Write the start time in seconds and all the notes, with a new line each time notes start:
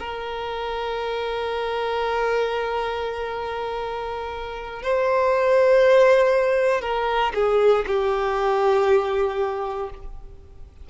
0.00 A#4
4.83 C5
6.82 A#4
7.35 G#4
7.87 G4